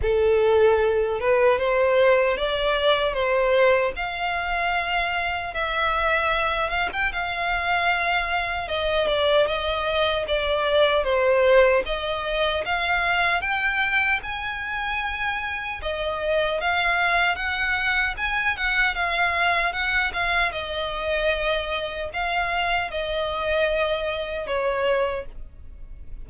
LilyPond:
\new Staff \with { instrumentName = "violin" } { \time 4/4 \tempo 4 = 76 a'4. b'8 c''4 d''4 | c''4 f''2 e''4~ | e''8 f''16 g''16 f''2 dis''8 d''8 | dis''4 d''4 c''4 dis''4 |
f''4 g''4 gis''2 | dis''4 f''4 fis''4 gis''8 fis''8 | f''4 fis''8 f''8 dis''2 | f''4 dis''2 cis''4 | }